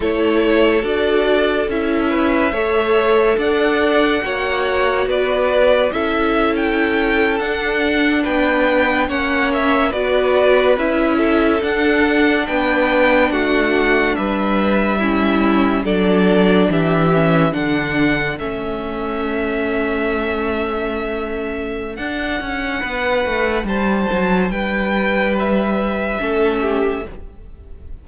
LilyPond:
<<
  \new Staff \with { instrumentName = "violin" } { \time 4/4 \tempo 4 = 71 cis''4 d''4 e''2 | fis''2 d''4 e''8. g''16~ | g''8. fis''4 g''4 fis''8 e''8 d''16~ | d''8. e''4 fis''4 g''4 fis''16~ |
fis''8. e''2 d''4 e''16~ | e''8. fis''4 e''2~ e''16~ | e''2 fis''2 | a''4 g''4 e''2 | }
  \new Staff \with { instrumentName = "violin" } { \time 4/4 a'2~ a'8 b'8 cis''4 | d''4 cis''4 b'4 a'4~ | a'4.~ a'16 b'4 cis''4 b'16~ | b'4~ b'16 a'4. b'4 fis'16~ |
fis'8. b'4 e'4 a'4 g'16~ | g'8. a'2.~ a'16~ | a'2. b'4 | c''4 b'2 a'8 g'8 | }
  \new Staff \with { instrumentName = "viola" } { \time 4/4 e'4 fis'4 e'4 a'4~ | a'4 fis'2 e'4~ | e'8. d'2 cis'4 fis'16~ | fis'8. e'4 d'2~ d'16~ |
d'4.~ d'16 cis'4 d'4~ d'16~ | d'16 cis'8 d'4 cis'2~ cis'16~ | cis'2 d'2~ | d'2. cis'4 | }
  \new Staff \with { instrumentName = "cello" } { \time 4/4 a4 d'4 cis'4 a4 | d'4 ais4 b4 cis'4~ | cis'8. d'4 b4 ais4 b16~ | b8. cis'4 d'4 b4 a16~ |
a8. g2 fis4 e16~ | e8. d4 a2~ a16~ | a2 d'8 cis'8 b8 a8 | g8 fis8 g2 a4 | }
>>